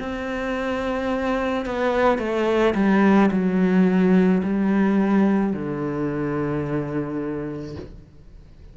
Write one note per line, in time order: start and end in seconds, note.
0.00 1.66 C4
1.66 2.19 B3
2.19 2.74 A3
2.75 3.30 G3
3.31 4.42 F#3
4.43 5.54 G3
5.54 7.76 D3